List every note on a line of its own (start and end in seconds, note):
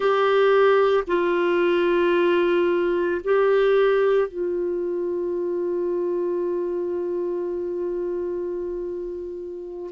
0.00 1.04 G4
1.07 3.21 F4
3.24 4.28 G4
4.28 9.90 F4